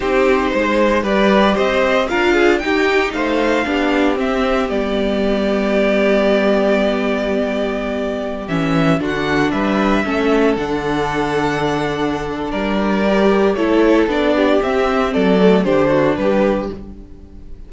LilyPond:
<<
  \new Staff \with { instrumentName = "violin" } { \time 4/4 \tempo 4 = 115 c''2 d''4 dis''4 | f''4 g''4 f''2 | e''4 d''2.~ | d''1~ |
d''16 e''4 fis''4 e''4.~ e''16~ | e''16 fis''2.~ fis''8. | d''2 cis''4 d''4 | e''4 d''4 c''4 b'4 | }
  \new Staff \with { instrumentName = "violin" } { \time 4/4 g'4 c''4 b'4 c''4 | ais'8 gis'8 g'4 c''4 g'4~ | g'1~ | g'1~ |
g'4~ g'16 fis'4 b'4 a'8.~ | a'1 | ais'2 a'4. g'8~ | g'4 a'4 g'8 fis'8 g'4 | }
  \new Staff \with { instrumentName = "viola" } { \time 4/4 dis'2 g'2 | f'4 dis'2 d'4 | c'4 b2.~ | b1~ |
b16 cis'4 d'2 cis'8.~ | cis'16 d'2.~ d'8.~ | d'4 g'4 e'4 d'4 | c'4. a8 d'2 | }
  \new Staff \with { instrumentName = "cello" } { \time 4/4 c'4 gis4 g4 c'4 | d'4 dis'4 a4 b4 | c'4 g2.~ | g1~ |
g16 e4 d4 g4 a8.~ | a16 d2.~ d8. | g2 a4 b4 | c'4 fis4 d4 g4 | }
>>